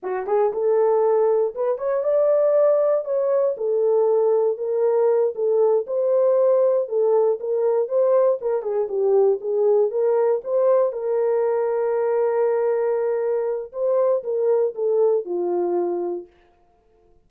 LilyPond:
\new Staff \with { instrumentName = "horn" } { \time 4/4 \tempo 4 = 118 fis'8 gis'8 a'2 b'8 cis''8 | d''2 cis''4 a'4~ | a'4 ais'4. a'4 c''8~ | c''4. a'4 ais'4 c''8~ |
c''8 ais'8 gis'8 g'4 gis'4 ais'8~ | ais'8 c''4 ais'2~ ais'8~ | ais'2. c''4 | ais'4 a'4 f'2 | }